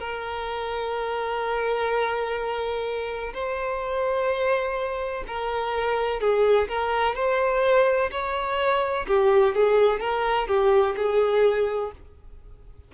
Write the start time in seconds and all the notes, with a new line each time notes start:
0.00 A#4
3.34 C5
5.27 A#4
6.21 G#4
6.68 A#4
7.16 C5
8.11 C#5
9.07 G4
9.55 G#4
10.00 A#4
10.48 G4
10.97 G#4